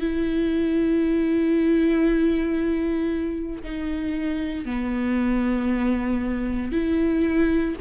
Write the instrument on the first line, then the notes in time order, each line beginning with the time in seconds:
viola
0.00 E4
3.63 D#4
4.65 B3
6.71 E4